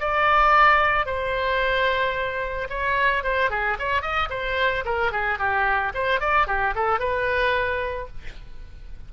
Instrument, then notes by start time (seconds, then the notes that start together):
oboe
0.00 D5
1.06 C5
2.70 C#5
3.24 C5
3.50 G#4
3.79 C#5
4.02 D#5
4.30 C5
4.85 A#4
5.12 G#4
5.39 G4
5.95 C5
6.20 D5
6.47 G4
6.75 A4
7.00 B4